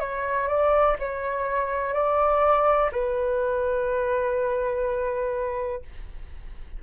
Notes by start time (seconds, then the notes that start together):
0.00 C#5
0.48 D5
0.99 C#5
1.94 D5
2.92 B4